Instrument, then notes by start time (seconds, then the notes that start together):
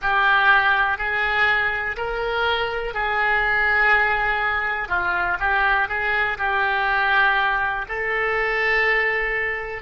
oboe
0.01 G4
0.97 G#4
1.96 A#4
2.93 G#4
4.88 F4
5.39 G4
5.88 G#4
6.38 G4
7.88 A4